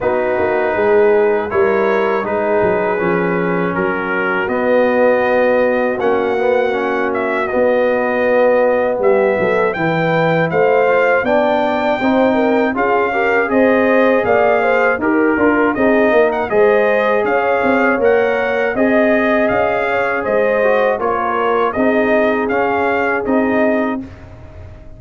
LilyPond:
<<
  \new Staff \with { instrumentName = "trumpet" } { \time 4/4 \tempo 4 = 80 b'2 cis''4 b'4~ | b'4 ais'4 dis''2 | fis''4. e''8 dis''2 | e''4 g''4 f''4 g''4~ |
g''4 f''4 dis''4 f''4 | ais'4 dis''8. fis''16 dis''4 f''4 | fis''4 dis''4 f''4 dis''4 | cis''4 dis''4 f''4 dis''4 | }
  \new Staff \with { instrumentName = "horn" } { \time 4/4 fis'4 gis'4 ais'4 gis'4~ | gis'4 fis'2.~ | fis'1 | g'8 a'8 b'4 c''4 d''4 |
c''8 ais'8 gis'8 ais'8 c''4 d''8 c''8 | ais'4 gis'8 ais'8 c''4 cis''4~ | cis''4 dis''4. cis''8 c''4 | ais'4 gis'2. | }
  \new Staff \with { instrumentName = "trombone" } { \time 4/4 dis'2 e'4 dis'4 | cis'2 b2 | cis'8 b8 cis'4 b2~ | b4 e'4. f'8 d'4 |
dis'4 f'8 g'8 gis'2 | g'8 f'8 dis'4 gis'2 | ais'4 gis'2~ gis'8 fis'8 | f'4 dis'4 cis'4 dis'4 | }
  \new Staff \with { instrumentName = "tuba" } { \time 4/4 b8 ais8 gis4 g4 gis8 fis8 | f4 fis4 b2 | ais2 b2 | g8 fis8 e4 a4 b4 |
c'4 cis'4 c'4 ais4 | dis'8 d'8 c'8 ais8 gis4 cis'8 c'8 | ais4 c'4 cis'4 gis4 | ais4 c'4 cis'4 c'4 | }
>>